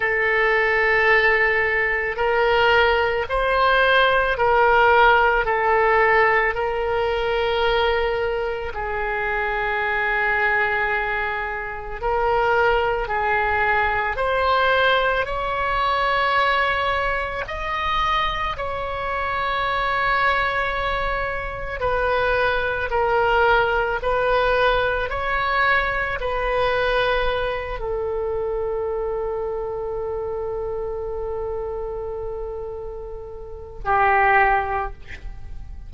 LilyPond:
\new Staff \with { instrumentName = "oboe" } { \time 4/4 \tempo 4 = 55 a'2 ais'4 c''4 | ais'4 a'4 ais'2 | gis'2. ais'4 | gis'4 c''4 cis''2 |
dis''4 cis''2. | b'4 ais'4 b'4 cis''4 | b'4. a'2~ a'8~ | a'2. g'4 | }